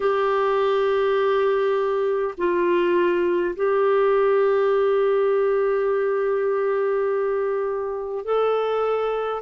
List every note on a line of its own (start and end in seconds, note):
0.00 2.34 G4
2.37 3.55 F4
3.56 8.24 G4
8.24 9.42 A4